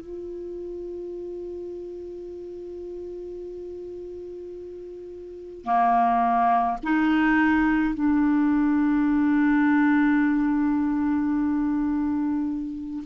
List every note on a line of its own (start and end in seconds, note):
0.00 5.64 F4
5.64 6.77 A#3
6.83 7.94 D#4
7.94 13.03 D4